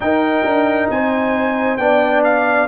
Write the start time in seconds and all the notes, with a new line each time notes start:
0.00 D#4 A#4 G5
0.44 D4
0.90 C4 C5 G#5
1.77 B3 D4 D5 G5
2.24 F5